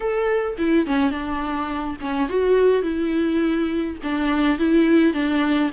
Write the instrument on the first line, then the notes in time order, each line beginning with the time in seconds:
viola
0.00 A4
0.58 E4
0.86 C#4
1.11 D4
2.01 C#4
2.28 F#4
2.82 E4
4.03 D4
4.59 E4
5.13 D4